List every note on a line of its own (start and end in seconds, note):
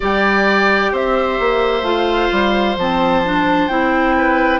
0.00 0.92 G3
0.00 1.83 G4
0.00 0.92 D5
0.00 0.95 G5
0.92 1.38 C4
0.92 4.15 C5
0.92 1.84 E5
1.39 1.82 A#3
1.82 2.28 A3
1.82 2.75 F4
1.82 2.77 F5
2.31 2.76 G3
2.76 3.68 F3
2.76 3.24 C4
2.76 3.68 A5
3.24 3.69 D4
3.68 4.59 C4
3.68 4.59 E4
3.68 4.59 G5
4.17 4.59 B4